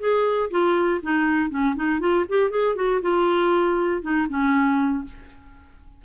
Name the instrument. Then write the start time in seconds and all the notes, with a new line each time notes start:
clarinet
0.00 G#4
0.51 F4
1.03 D#4
1.50 C#4
1.76 D#4
2.01 F4
2.29 G4
2.51 G#4
2.76 F#4
3.02 F4
4.02 D#4
4.29 C#4